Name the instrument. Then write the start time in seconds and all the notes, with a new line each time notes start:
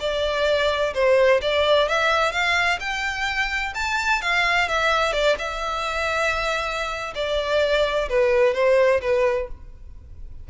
violin
0.00 D5
0.94 C5
1.42 D5
1.89 E5
2.32 F5
2.80 G5
3.75 A5
4.22 F5
4.69 E5
5.13 D5
5.38 E5
7.15 D5
8.09 B4
8.54 C5
9.01 B4